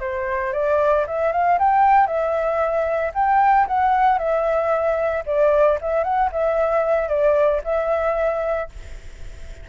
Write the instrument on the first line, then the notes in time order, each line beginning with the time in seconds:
flute
0.00 C5
0.53 D5
1.07 E5
1.32 F5
1.59 G5
2.06 E5
3.14 G5
3.67 F#5
4.18 E5
5.26 D5
5.81 E5
6.04 F#5
6.32 E5
7.08 D5
7.64 E5